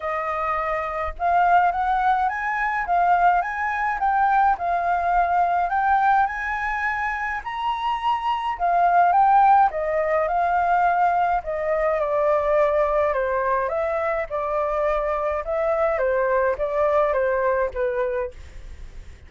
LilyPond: \new Staff \with { instrumentName = "flute" } { \time 4/4 \tempo 4 = 105 dis''2 f''4 fis''4 | gis''4 f''4 gis''4 g''4 | f''2 g''4 gis''4~ | gis''4 ais''2 f''4 |
g''4 dis''4 f''2 | dis''4 d''2 c''4 | e''4 d''2 e''4 | c''4 d''4 c''4 b'4 | }